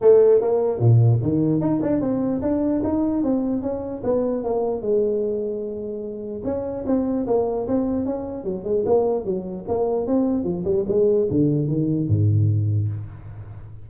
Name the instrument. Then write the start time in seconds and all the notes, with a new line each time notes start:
tuba
0.01 A3
0.41 A#3
0.79 A#2
1.22 D#3
1.60 D#4
1.81 D4
2.00 C4
2.41 D4
2.83 D#4
3.23 C4
3.62 C#4
4.03 B3
4.43 A#3
4.81 G#3
6.44 C#4
6.86 C4
7.26 A#3
7.67 C4
8.05 C#4
8.44 F#3
8.64 G#3
8.85 A#3
9.24 F#3
9.68 A#3
10.07 C4
10.43 F3
10.65 G3
10.88 G#3
11.30 D3
11.67 D#3
12.08 G#2